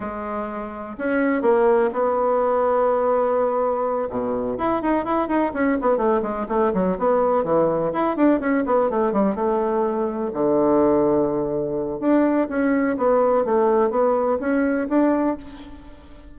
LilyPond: \new Staff \with { instrumentName = "bassoon" } { \time 4/4 \tempo 4 = 125 gis2 cis'4 ais4 | b1~ | b8 b,4 e'8 dis'8 e'8 dis'8 cis'8 | b8 a8 gis8 a8 fis8 b4 e8~ |
e8 e'8 d'8 cis'8 b8 a8 g8 a8~ | a4. d2~ d8~ | d4 d'4 cis'4 b4 | a4 b4 cis'4 d'4 | }